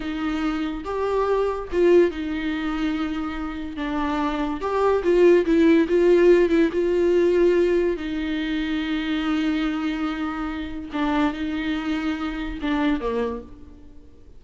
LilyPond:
\new Staff \with { instrumentName = "viola" } { \time 4/4 \tempo 4 = 143 dis'2 g'2 | f'4 dis'2.~ | dis'4 d'2 g'4 | f'4 e'4 f'4. e'8 |
f'2. dis'4~ | dis'1~ | dis'2 d'4 dis'4~ | dis'2 d'4 ais4 | }